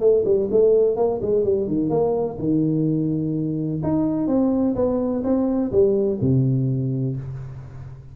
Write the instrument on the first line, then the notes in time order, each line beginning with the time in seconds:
tuba
0.00 A3
0.25 G3
0.51 A3
0.96 A#3
1.22 G#3
1.44 G3
1.67 D#3
1.90 A#3
2.39 D#3
3.83 D#4
4.27 C4
4.75 B3
5.24 C4
5.72 G3
6.21 C3